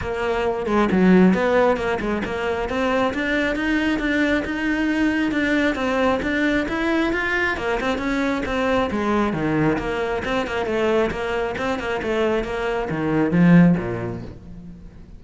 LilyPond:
\new Staff \with { instrumentName = "cello" } { \time 4/4 \tempo 4 = 135 ais4. gis8 fis4 b4 | ais8 gis8 ais4 c'4 d'4 | dis'4 d'4 dis'2 | d'4 c'4 d'4 e'4 |
f'4 ais8 c'8 cis'4 c'4 | gis4 dis4 ais4 c'8 ais8 | a4 ais4 c'8 ais8 a4 | ais4 dis4 f4 ais,4 | }